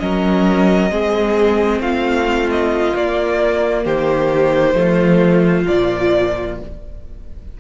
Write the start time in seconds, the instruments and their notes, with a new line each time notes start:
0.00 cello F#3, viola C#4, violin A#4 D#5
0.91 cello G#3, viola C4, violin G#4
1.80 cello A3, violin F4 F5
2.51 violin D#5
2.95 viola A#3, cello A#3, violin D5
3.84 cello D#3, violin G4 C5
4.75 cello F3, viola A3, violin F4
5.66 cello A#2, viola F3, violin D5